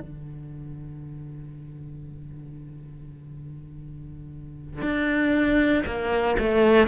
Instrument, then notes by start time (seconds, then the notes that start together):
cello
0.00 D3
4.82 D4
5.86 A#3
6.39 A3